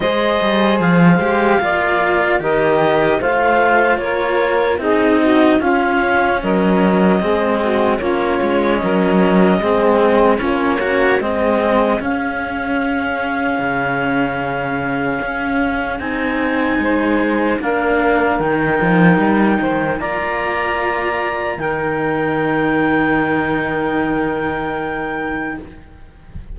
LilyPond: <<
  \new Staff \with { instrumentName = "clarinet" } { \time 4/4 \tempo 4 = 75 dis''4 f''2 dis''4 | f''4 cis''4 dis''4 f''4 | dis''2 cis''4 dis''4~ | dis''4 cis''4 dis''4 f''4~ |
f''1 | gis''2 f''4 g''4~ | g''4 ais''2 g''4~ | g''1 | }
  \new Staff \with { instrumentName = "saxophone" } { \time 4/4 c''2 d''4 ais'4 | c''4 ais'4 gis'8 fis'8 f'4 | ais'4 gis'8 fis'8 f'4 ais'4 | gis'4 f'8 cis'8 gis'2~ |
gis'1~ | gis'4 c''4 ais'2~ | ais'8 c''8 d''2 ais'4~ | ais'1 | }
  \new Staff \with { instrumentName = "cello" } { \time 4/4 gis'4. g'8 f'4 g'4 | f'2 dis'4 cis'4~ | cis'4 c'4 cis'2 | c'4 cis'8 fis'8 c'4 cis'4~ |
cis'1 | dis'2 d'4 dis'4~ | dis'4 f'2 dis'4~ | dis'1 | }
  \new Staff \with { instrumentName = "cello" } { \time 4/4 gis8 g8 f8 gis8 ais4 dis4 | a4 ais4 c'4 cis'4 | fis4 gis4 ais8 gis8 fis4 | gis4 ais4 gis4 cis'4~ |
cis'4 cis2 cis'4 | c'4 gis4 ais4 dis8 f8 | g8 dis8 ais2 dis4~ | dis1 | }
>>